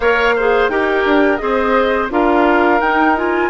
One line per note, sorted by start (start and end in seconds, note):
0.00 0.68 A#3
0.00 0.37 A#4
0.00 0.35 C#5
0.00 0.69 F5
0.35 0.70 G#4
0.35 0.71 C5
0.68 1.04 D#4
0.68 1.38 G4
0.68 1.41 A#4
0.68 1.37 G5
1.05 1.40 D4
1.37 2.10 C4
1.37 2.08 G#4
1.37 2.12 C5
1.37 2.07 D#5
2.10 2.80 D4
2.10 2.81 F4
2.10 3.50 A#4
2.10 2.80 F5
2.80 3.50 D#4
2.80 3.16 D#4
2.80 3.16 G5
3.16 3.50 F4
3.16 3.50 G#5